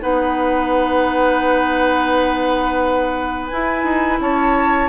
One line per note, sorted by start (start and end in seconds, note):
0.00 3.51 B3
0.00 3.49 D#4
0.00 4.20 B4
0.00 3.47 F#5
3.47 4.88 E4
3.47 3.83 E4
3.47 4.17 G#5
3.83 4.18 D#4
4.19 4.88 C#4
4.19 4.88 C#5
4.19 4.88 A5